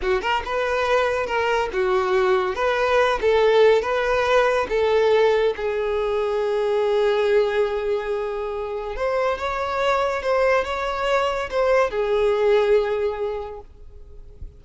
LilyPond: \new Staff \with { instrumentName = "violin" } { \time 4/4 \tempo 4 = 141 fis'8 ais'8 b'2 ais'4 | fis'2 b'4. a'8~ | a'4 b'2 a'4~ | a'4 gis'2.~ |
gis'1~ | gis'4 c''4 cis''2 | c''4 cis''2 c''4 | gis'1 | }